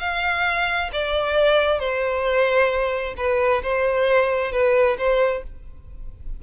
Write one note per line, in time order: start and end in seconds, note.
0.00 0.90 F5
0.92 1.79 D5
1.79 3.15 C5
3.17 3.62 B4
3.63 4.52 C5
4.52 4.97 B4
4.98 5.43 C5